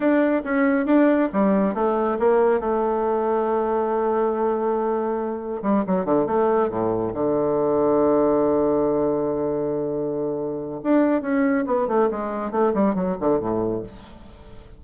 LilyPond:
\new Staff \with { instrumentName = "bassoon" } { \time 4/4 \tempo 4 = 139 d'4 cis'4 d'4 g4 | a4 ais4 a2~ | a1~ | a4 g8 fis8 d8 a4 a,8~ |
a,8 d2.~ d8~ | d1~ | d4 d'4 cis'4 b8 a8 | gis4 a8 g8 fis8 d8 a,4 | }